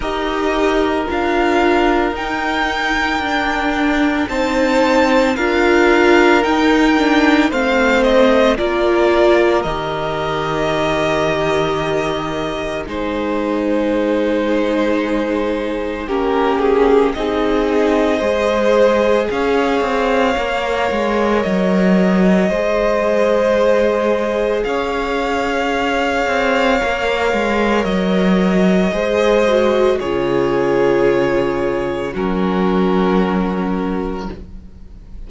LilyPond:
<<
  \new Staff \with { instrumentName = "violin" } { \time 4/4 \tempo 4 = 56 dis''4 f''4 g''2 | a''4 f''4 g''4 f''8 dis''8 | d''4 dis''2. | c''2. ais'8 gis'8 |
dis''2 f''2 | dis''2. f''4~ | f''2 dis''2 | cis''2 ais'2 | }
  \new Staff \with { instrumentName = "violin" } { \time 4/4 ais'1 | c''4 ais'2 c''4 | ais'1 | gis'2. g'4 |
gis'4 c''4 cis''2~ | cis''4 c''2 cis''4~ | cis''2. c''4 | gis'2 fis'2 | }
  \new Staff \with { instrumentName = "viola" } { \time 4/4 g'4 f'4 dis'4 d'4 | dis'4 f'4 dis'8 d'8 c'4 | f'4 g'2. | dis'2. cis'4 |
dis'4 gis'2 ais'4~ | ais'4 gis'2.~ | gis'4 ais'2 gis'8 fis'8 | f'2 cis'2 | }
  \new Staff \with { instrumentName = "cello" } { \time 4/4 dis'4 d'4 dis'4 d'4 | c'4 d'4 dis'4 a4 | ais4 dis2. | gis2. ais4 |
c'4 gis4 cis'8 c'8 ais8 gis8 | fis4 gis2 cis'4~ | cis'8 c'8 ais8 gis8 fis4 gis4 | cis2 fis2 | }
>>